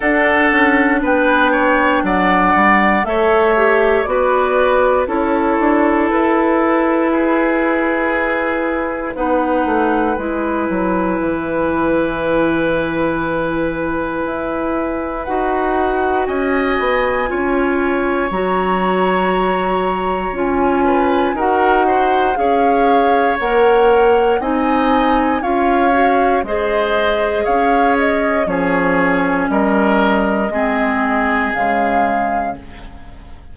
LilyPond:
<<
  \new Staff \with { instrumentName = "flute" } { \time 4/4 \tempo 4 = 59 fis''4 g''4 fis''4 e''4 | d''4 cis''4 b'2~ | b'4 fis''4 gis''2~ | gis''2. fis''4 |
gis''2 ais''2 | gis''4 fis''4 f''4 fis''4 | gis''4 f''4 dis''4 f''8 dis''8 | cis''4 dis''2 f''4 | }
  \new Staff \with { instrumentName = "oboe" } { \time 4/4 a'4 b'8 cis''8 d''4 cis''4 | b'4 a'2 gis'4~ | gis'4 b'2.~ | b'1 |
dis''4 cis''2.~ | cis''8 b'8 ais'8 c''8 cis''2 | dis''4 cis''4 c''4 cis''4 | gis'4 ais'4 gis'2 | }
  \new Staff \with { instrumentName = "clarinet" } { \time 4/4 d'2. a'8 g'8 | fis'4 e'2.~ | e'4 dis'4 e'2~ | e'2. fis'4~ |
fis'4 f'4 fis'2 | f'4 fis'4 gis'4 ais'4 | dis'4 f'8 fis'8 gis'2 | cis'2 c'4 gis4 | }
  \new Staff \with { instrumentName = "bassoon" } { \time 4/4 d'8 cis'8 b4 fis8 g8 a4 | b4 cis'8 d'8 e'2~ | e'4 b8 a8 gis8 fis8 e4~ | e2 e'4 dis'4 |
cis'8 b8 cis'4 fis2 | cis'4 dis'4 cis'4 ais4 | c'4 cis'4 gis4 cis'4 | f4 g4 gis4 cis4 | }
>>